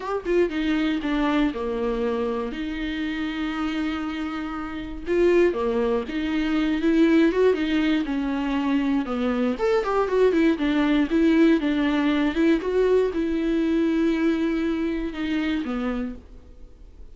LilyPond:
\new Staff \with { instrumentName = "viola" } { \time 4/4 \tempo 4 = 119 g'8 f'8 dis'4 d'4 ais4~ | ais4 dis'2.~ | dis'2 f'4 ais4 | dis'4. e'4 fis'8 dis'4 |
cis'2 b4 a'8 g'8 | fis'8 e'8 d'4 e'4 d'4~ | d'8 e'8 fis'4 e'2~ | e'2 dis'4 b4 | }